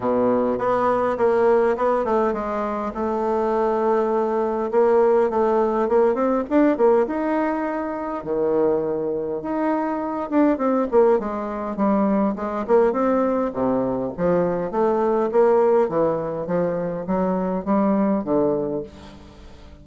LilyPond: \new Staff \with { instrumentName = "bassoon" } { \time 4/4 \tempo 4 = 102 b,4 b4 ais4 b8 a8 | gis4 a2. | ais4 a4 ais8 c'8 d'8 ais8 | dis'2 dis2 |
dis'4. d'8 c'8 ais8 gis4 | g4 gis8 ais8 c'4 c4 | f4 a4 ais4 e4 | f4 fis4 g4 d4 | }